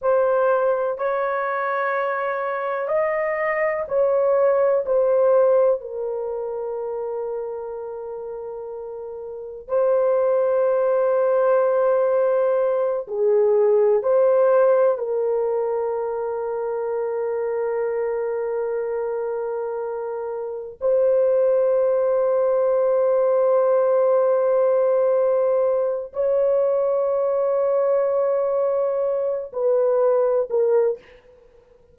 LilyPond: \new Staff \with { instrumentName = "horn" } { \time 4/4 \tempo 4 = 62 c''4 cis''2 dis''4 | cis''4 c''4 ais'2~ | ais'2 c''2~ | c''4. gis'4 c''4 ais'8~ |
ais'1~ | ais'4. c''2~ c''8~ | c''2. cis''4~ | cis''2~ cis''8 b'4 ais'8 | }